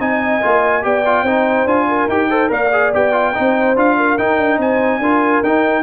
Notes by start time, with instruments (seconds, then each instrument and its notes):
0.00 tuba C4, trombone D#4, horn D#5, trumpet G#5
0.42 tuba A#3, trombone F4
0.82 tuba B3, trombone G4, horn D5, trumpet G5
1.06 trombone F4
1.23 tuba C4, trombone D#4, horn C5
1.65 tuba D4, trombone F4, trumpet G#5
1.88 horn A#4
2.09 tuba D#4, trombone G4, trumpet G5
2.29 trombone A4, horn C5
2.49 tuba A#3, trombone A#4, horn D5, trumpet F5
2.73 trombone G#4
2.94 tuba B3, trombone G4, trumpet G5
3.13 trombone F4
3.35 tuba C4, trombone D#4, horn C5
3.76 tuba D4, trombone F4, trumpet F5
3.97 horn A#4
4.18 tuba D#4, trombone D#4, trumpet G5
4.38 tuba D4
4.58 tuba C4, horn C5, trumpet G#5
5.00 tuba D4, trombone F4, horn A#4
5.44 tuba D#4, trombone D#4, trumpet G5